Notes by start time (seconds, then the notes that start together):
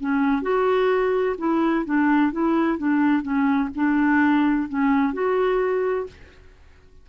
0.00 C#4
0.42 F#4
1.38 E4
1.85 D4
2.32 E4
2.78 D4
3.22 C#4
3.75 D4
4.69 C#4
5.13 F#4